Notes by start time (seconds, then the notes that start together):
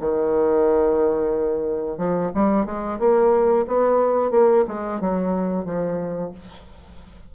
0.00 D#3
1.98 F3
2.34 G3
2.65 G#3
2.99 A#3
3.67 B3
4.31 A#3
4.68 G#3
5.00 F#3
5.65 F3